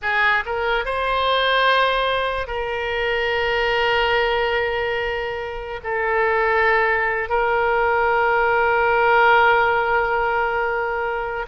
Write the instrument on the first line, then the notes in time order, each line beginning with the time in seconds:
oboe
0.02 G#4
0.45 A#4
0.85 C5
2.47 A#4
5.83 A4
7.29 A#4